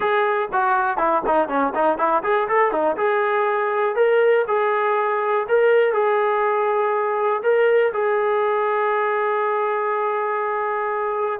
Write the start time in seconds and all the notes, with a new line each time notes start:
0.00 G#4
0.52 F#4
0.97 E4
1.26 D#4
1.48 C#4
1.74 D#4
1.98 E4
2.23 G#4
2.48 A4
2.71 D#4
2.96 G#4
3.95 A#4
4.47 G#4
5.48 A#4
5.93 G#4
7.42 A#4
7.93 G#4